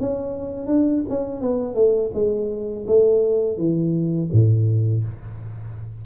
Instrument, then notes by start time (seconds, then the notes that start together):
tuba
0.00 C#4
0.66 D4
1.09 C#4
1.41 B3
1.74 A3
2.13 G#3
2.87 A3
3.57 E3
4.32 A2